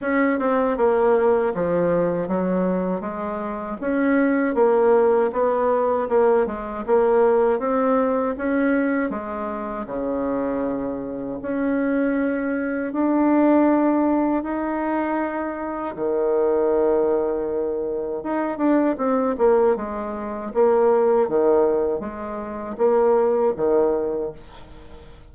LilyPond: \new Staff \with { instrumentName = "bassoon" } { \time 4/4 \tempo 4 = 79 cis'8 c'8 ais4 f4 fis4 | gis4 cis'4 ais4 b4 | ais8 gis8 ais4 c'4 cis'4 | gis4 cis2 cis'4~ |
cis'4 d'2 dis'4~ | dis'4 dis2. | dis'8 d'8 c'8 ais8 gis4 ais4 | dis4 gis4 ais4 dis4 | }